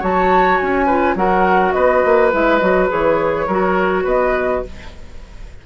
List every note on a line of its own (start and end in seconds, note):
0.00 0.60 F#3
0.00 0.88 F#4
0.00 0.87 C#5
0.00 0.58 A5
0.58 1.16 C#4
0.58 1.16 G#5
0.87 1.17 F4
0.87 1.15 B4
1.16 1.73 F#3
1.16 2.32 F#4
1.16 1.75 A#4
1.16 1.73 F#5
1.73 2.04 B3
1.73 3.47 B4
1.73 2.30 D#5
2.05 2.34 A#3
2.32 2.62 G#3
2.32 2.60 E4
2.32 2.59 E5
2.59 2.91 F#3
2.59 2.89 F#4
2.59 2.87 D#5
2.89 3.48 E3
2.89 3.47 G#4
2.89 4.07 C#5
3.47 4.06 F#3
3.47 4.66 F#4
3.47 4.04 A#4
4.04 4.64 B3
4.04 4.62 B4
4.04 4.65 D#5